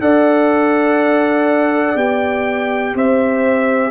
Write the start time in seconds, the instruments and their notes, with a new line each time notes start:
0.00 tuba D4, trombone A4, horn D5, trumpet F#5
1.95 tuba B3, trombone G4, trumpet G5
2.94 tuba C4, horn C5, trumpet E5